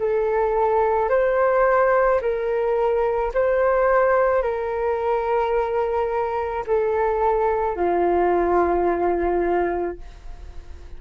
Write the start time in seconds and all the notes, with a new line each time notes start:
0.00 A4
1.10 C5
2.22 A#4
3.34 C5
4.43 A#4
6.67 A4
7.76 F4